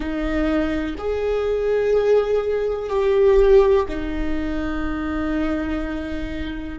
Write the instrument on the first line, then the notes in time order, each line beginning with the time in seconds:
viola
0.00 D#4
0.98 G#4
2.89 G4
3.88 D#4